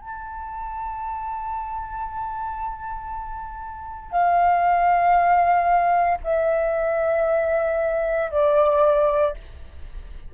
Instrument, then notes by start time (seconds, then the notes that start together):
flute
0.00 A5
4.11 F5
6.24 E5
8.30 D5